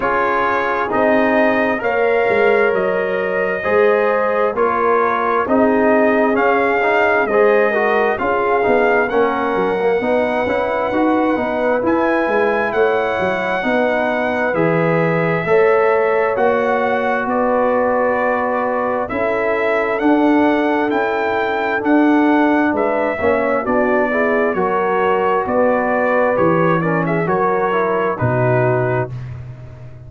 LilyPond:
<<
  \new Staff \with { instrumentName = "trumpet" } { \time 4/4 \tempo 4 = 66 cis''4 dis''4 f''4 dis''4~ | dis''4 cis''4 dis''4 f''4 | dis''4 f''4 fis''2~ | fis''4 gis''4 fis''2 |
e''2 fis''4 d''4~ | d''4 e''4 fis''4 g''4 | fis''4 e''4 d''4 cis''4 | d''4 cis''8 d''16 e''16 cis''4 b'4 | }
  \new Staff \with { instrumentName = "horn" } { \time 4/4 gis'2 cis''2 | c''4 ais'4 gis'2 | c''8 ais'8 gis'4 ais'4 b'4~ | b'2 cis''4 b'4~ |
b'4 cis''2 b'4~ | b'4 a'2.~ | a'4 b'8 cis''8 fis'8 gis'8 ais'4 | b'4. ais'16 gis'16 ais'4 fis'4 | }
  \new Staff \with { instrumentName = "trombone" } { \time 4/4 f'4 dis'4 ais'2 | gis'4 f'4 dis'4 cis'8 dis'8 | gis'8 fis'8 f'8 dis'8 cis'8. ais16 dis'8 e'8 | fis'8 dis'8 e'2 dis'4 |
gis'4 a'4 fis'2~ | fis'4 e'4 d'4 e'4 | d'4. cis'8 d'8 e'8 fis'4~ | fis'4 g'8 cis'8 fis'8 e'8 dis'4 | }
  \new Staff \with { instrumentName = "tuba" } { \time 4/4 cis'4 c'4 ais8 gis8 fis4 | gis4 ais4 c'4 cis'4 | gis4 cis'8 b8 ais8 fis8 b8 cis'8 | dis'8 b8 e'8 gis8 a8 fis8 b4 |
e4 a4 ais4 b4~ | b4 cis'4 d'4 cis'4 | d'4 gis8 ais8 b4 fis4 | b4 e4 fis4 b,4 | }
>>